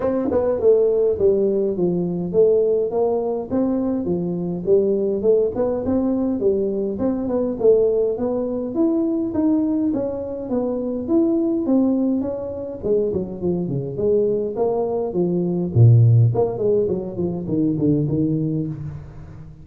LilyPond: \new Staff \with { instrumentName = "tuba" } { \time 4/4 \tempo 4 = 103 c'8 b8 a4 g4 f4 | a4 ais4 c'4 f4 | g4 a8 b8 c'4 g4 | c'8 b8 a4 b4 e'4 |
dis'4 cis'4 b4 e'4 | c'4 cis'4 gis8 fis8 f8 cis8 | gis4 ais4 f4 ais,4 | ais8 gis8 fis8 f8 dis8 d8 dis4 | }